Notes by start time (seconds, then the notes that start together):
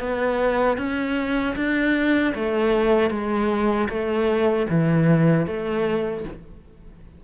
0.00 B3
0.78 C#4
1.56 D4
2.35 A3
3.10 G#3
3.89 A3
4.70 E3
5.47 A3